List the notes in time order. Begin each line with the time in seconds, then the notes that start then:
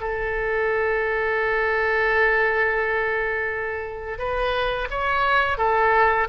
0.00 A4
4.18 B4
4.90 C#5
5.57 A4